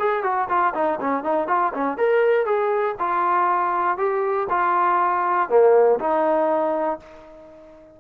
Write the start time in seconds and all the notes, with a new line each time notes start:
0.00 G#4
0.24 F#4
0.49 F4
0.75 D#4
1.01 C#4
1.24 D#4
1.48 F4
1.74 C#4
1.98 A#4
2.46 G#4
3.00 F4
3.98 G4
4.50 F4
5.50 A#3
6.00 D#4